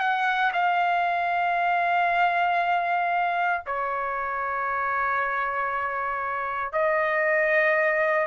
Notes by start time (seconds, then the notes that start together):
0.00 F#5
0.53 F5
3.66 C#5
6.72 D#5